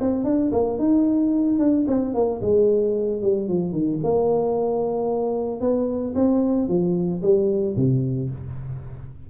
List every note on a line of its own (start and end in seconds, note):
0.00 0.24 C4
0.24 0.51 D4
0.51 0.78 A#3
0.78 1.59 D#4
1.59 1.85 D4
1.87 2.14 C4
2.14 2.41 A#3
2.41 3.21 G#3
3.22 3.48 G3
3.48 3.72 F3
3.72 3.99 D#3
4.03 5.60 A#3
5.60 6.14 B3
6.15 6.68 C4
6.68 7.22 F3
7.22 7.76 G3
7.76 8.29 C3